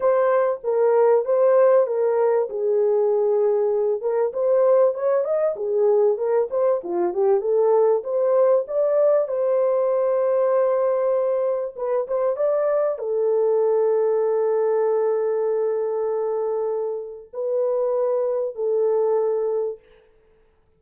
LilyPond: \new Staff \with { instrumentName = "horn" } { \time 4/4 \tempo 4 = 97 c''4 ais'4 c''4 ais'4 | gis'2~ gis'8 ais'8 c''4 | cis''8 dis''8 gis'4 ais'8 c''8 f'8 g'8 | a'4 c''4 d''4 c''4~ |
c''2. b'8 c''8 | d''4 a'2.~ | a'1 | b'2 a'2 | }